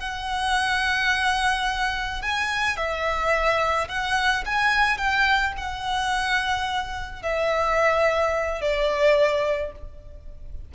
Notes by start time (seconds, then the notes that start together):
0.00 F#5
2.22 G#5
2.77 E5
3.89 F#5
4.46 G#5
4.98 G5
5.58 F#5
7.23 E5
8.61 D5